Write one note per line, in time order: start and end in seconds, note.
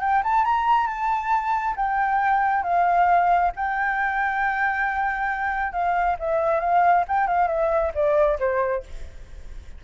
0.00 0.22 G5
0.23 0.45 A5
0.45 0.87 A#5
0.87 1.75 A5
1.76 2.63 G5
2.63 3.51 F5
3.56 5.72 G5
5.72 6.16 F5
6.19 6.60 E5
6.60 7.04 F5
7.08 7.27 G5
7.27 7.48 F5
7.48 7.92 E5
7.94 8.38 D5
8.39 8.83 C5